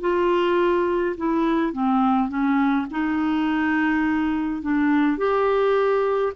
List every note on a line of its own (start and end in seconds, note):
0.00 1.15 F4
1.17 1.72 E4
1.72 2.28 C4
2.28 2.86 C#4
2.90 4.62 D#4
4.62 5.17 D4
5.17 6.33 G4